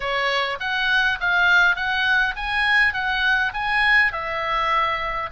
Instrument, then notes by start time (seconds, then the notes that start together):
oboe
0.00 C#5
0.59 F#5
1.20 F5
1.76 F#5
2.36 G#5
2.93 F#5
3.53 G#5
4.12 E5